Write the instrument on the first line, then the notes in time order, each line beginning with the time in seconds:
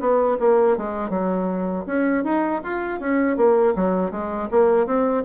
bassoon
0.00 B3
0.40 A#3
0.77 G#3
1.10 F#3
1.87 C#4
2.24 D#4
2.64 F4
3.00 C#4
3.37 A#3
3.76 F#3
4.11 G#3
4.51 A#3
4.86 C4